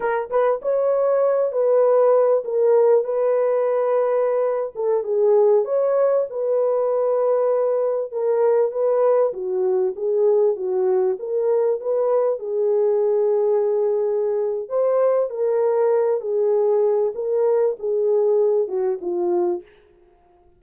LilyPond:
\new Staff \with { instrumentName = "horn" } { \time 4/4 \tempo 4 = 98 ais'8 b'8 cis''4. b'4. | ais'4 b'2~ b'8. a'16~ | a'16 gis'4 cis''4 b'4.~ b'16~ | b'4~ b'16 ais'4 b'4 fis'8.~ |
fis'16 gis'4 fis'4 ais'4 b'8.~ | b'16 gis'2.~ gis'8. | c''4 ais'4. gis'4. | ais'4 gis'4. fis'8 f'4 | }